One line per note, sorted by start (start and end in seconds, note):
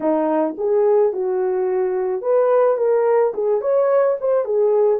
0.00 0.56 D#4
0.57 1.12 G#4
1.12 2.21 F#4
2.21 2.77 B4
2.77 3.32 A#4
3.34 3.61 G#4
3.61 4.16 C#5
4.20 4.44 C5
4.44 4.99 G#4